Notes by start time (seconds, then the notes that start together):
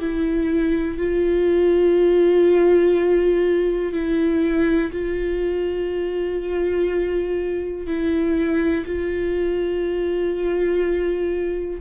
0.00 E4
0.98 F4
3.93 E4
4.92 F4
7.87 E4
8.86 F4